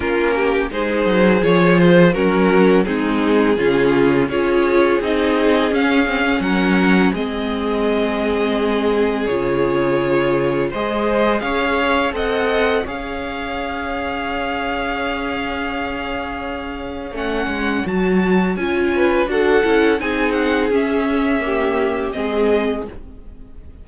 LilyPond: <<
  \new Staff \with { instrumentName = "violin" } { \time 4/4 \tempo 4 = 84 ais'4 c''4 cis''8 c''8 ais'4 | gis'2 cis''4 dis''4 | f''4 fis''4 dis''2~ | dis''4 cis''2 dis''4 |
f''4 fis''4 f''2~ | f''1 | fis''4 a''4 gis''4 fis''4 | gis''8 fis''8 e''2 dis''4 | }
  \new Staff \with { instrumentName = "violin" } { \time 4/4 f'8 g'8 gis'2 fis'4 | dis'4 f'4 gis'2~ | gis'4 ais'4 gis'2~ | gis'2. c''4 |
cis''4 dis''4 cis''2~ | cis''1~ | cis''2~ cis''8 b'8 a'4 | gis'2 g'4 gis'4 | }
  \new Staff \with { instrumentName = "viola" } { \time 4/4 cis'4 dis'4 f'4 cis'4 | c'4 cis'4 f'4 dis'4 | cis'8 c'16 cis'4~ cis'16 c'2~ | c'4 f'2 gis'4~ |
gis'4 a'4 gis'2~ | gis'1 | cis'4 fis'4 f'4 fis'8 e'8 | dis'4 cis'4 ais4 c'4 | }
  \new Staff \with { instrumentName = "cello" } { \time 4/4 ais4 gis8 fis8 f4 fis4 | gis4 cis4 cis'4 c'4 | cis'4 fis4 gis2~ | gis4 cis2 gis4 |
cis'4 c'4 cis'2~ | cis'1 | a8 gis8 fis4 cis'4 d'8 cis'8 | c'4 cis'2 gis4 | }
>>